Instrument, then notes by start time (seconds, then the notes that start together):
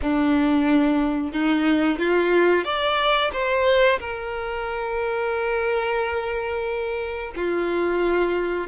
violin
0.01 D4
1.32 D#4
1.98 F4
2.64 D5
3.32 C5
3.99 A#4
7.35 F4